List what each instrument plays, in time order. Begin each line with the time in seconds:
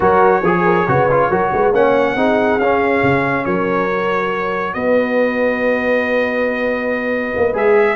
0.00 tuba F#3, trombone F#4, horn A#4, trumpet C#5
0.41 tuba F3, horn G#4, trombone G#4
0.65 horn A#4
0.87 tuba C#3, trombone F#4, horn B4
1.10 trombone F4
1.29 tuba F#3, trombone F#4, horn A#4
1.53 tuba G#3, horn B4
1.72 tuba A#3, trombone C#4, horn C#5, trumpet F#5
2.15 tuba C4, trombone D#4, horn G#4
2.58 tuba C#4, trombone C#4, trumpet F5
3.02 tuba C#3
3.45 tuba F#3, horn A#4, trumpet C#5
3.89 trombone F#4
4.73 tuba B3, horn B4, trumpet D#5
7.36 tuba A#3
7.53 tuba G#3, trombone G#4, trumpet E5